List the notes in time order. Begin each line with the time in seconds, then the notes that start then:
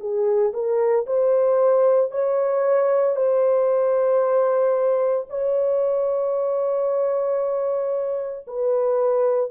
0.00 G#4
0.54 A#4
1.07 C5
2.11 C#5
3.16 C5
5.30 C#5
8.48 B4